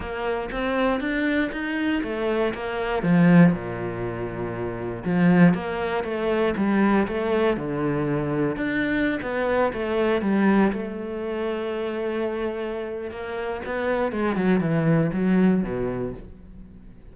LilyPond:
\new Staff \with { instrumentName = "cello" } { \time 4/4 \tempo 4 = 119 ais4 c'4 d'4 dis'4 | a4 ais4 f4 ais,4~ | ais,2 f4 ais4 | a4 g4 a4 d4~ |
d4 d'4~ d'16 b4 a8.~ | a16 g4 a2~ a8.~ | a2 ais4 b4 | gis8 fis8 e4 fis4 b,4 | }